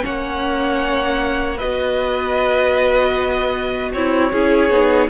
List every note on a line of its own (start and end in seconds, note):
0.00 1.62 A#3
0.00 1.56 C#4
0.00 1.57 C#5
0.00 1.58 F#5
1.57 3.93 B3
1.57 4.33 F#4
1.57 3.91 B4
1.57 3.92 D#5
3.93 4.32 C4
3.93 4.32 E4
3.93 5.10 C#5
4.32 4.70 C#4
4.32 4.71 E4
4.32 5.10 G#4
4.70 5.09 B3
4.70 5.10 D#4